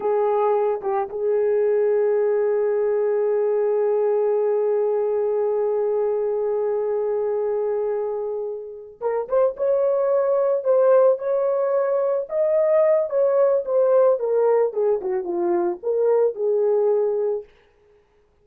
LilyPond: \new Staff \with { instrumentName = "horn" } { \time 4/4 \tempo 4 = 110 gis'4. g'8 gis'2~ | gis'1~ | gis'1~ | gis'1~ |
gis'8 ais'8 c''8 cis''2 c''8~ | c''8 cis''2 dis''4. | cis''4 c''4 ais'4 gis'8 fis'8 | f'4 ais'4 gis'2 | }